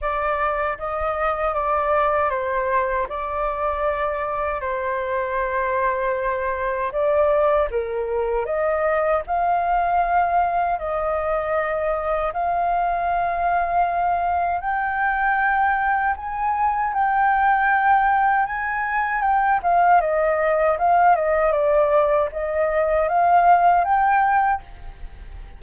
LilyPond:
\new Staff \with { instrumentName = "flute" } { \time 4/4 \tempo 4 = 78 d''4 dis''4 d''4 c''4 | d''2 c''2~ | c''4 d''4 ais'4 dis''4 | f''2 dis''2 |
f''2. g''4~ | g''4 gis''4 g''2 | gis''4 g''8 f''8 dis''4 f''8 dis''8 | d''4 dis''4 f''4 g''4 | }